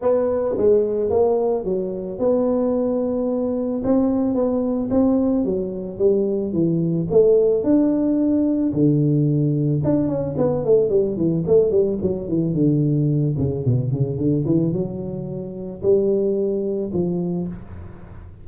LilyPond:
\new Staff \with { instrumentName = "tuba" } { \time 4/4 \tempo 4 = 110 b4 gis4 ais4 fis4 | b2. c'4 | b4 c'4 fis4 g4 | e4 a4 d'2 |
d2 d'8 cis'8 b8 a8 | g8 e8 a8 g8 fis8 e8 d4~ | d8 cis8 b,8 cis8 d8 e8 fis4~ | fis4 g2 f4 | }